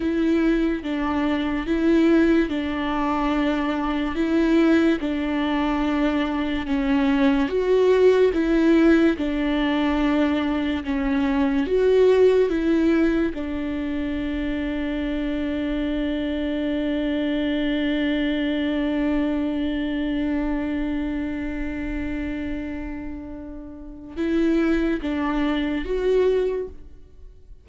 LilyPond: \new Staff \with { instrumentName = "viola" } { \time 4/4 \tempo 4 = 72 e'4 d'4 e'4 d'4~ | d'4 e'4 d'2 | cis'4 fis'4 e'4 d'4~ | d'4 cis'4 fis'4 e'4 |
d'1~ | d'1~ | d'1~ | d'4 e'4 d'4 fis'4 | }